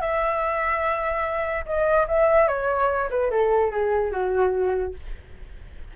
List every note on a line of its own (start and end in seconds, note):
0.00 1.64 E5
1.65 2.06 D#5
2.08 2.48 E5
2.48 3.09 C#5
3.10 3.30 B4
3.30 3.71 A4
3.71 4.11 G#4
4.11 4.94 F#4